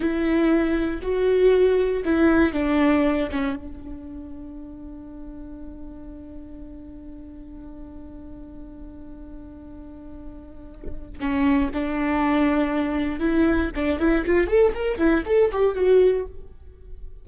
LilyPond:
\new Staff \with { instrumentName = "viola" } { \time 4/4 \tempo 4 = 118 e'2 fis'2 | e'4 d'4. cis'8 d'4~ | d'1~ | d'1~ |
d'1~ | d'2 cis'4 d'4~ | d'2 e'4 d'8 e'8 | f'8 a'8 ais'8 e'8 a'8 g'8 fis'4 | }